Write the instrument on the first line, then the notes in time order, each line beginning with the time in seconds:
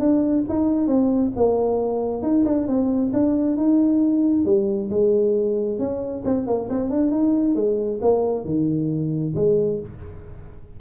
tuba
0.00 D4
0.49 D#4
0.87 C4
1.36 A#3
2.23 D#4
2.46 D4
2.68 C4
3.14 D4
3.57 D#4
4.45 G3
4.90 G#3
5.79 C#4
6.25 C4
6.47 A#3
6.70 C4
6.90 D4
7.12 D#4
7.56 G#3
8.02 A#3
8.45 D#3
9.36 G#3